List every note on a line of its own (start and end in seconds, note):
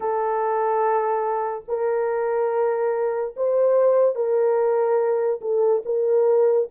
0.00 1.64 A4
1.68 3.34 A#4
3.36 4.15 C5
4.15 5.40 A#4
5.41 5.83 A4
5.85 6.68 A#4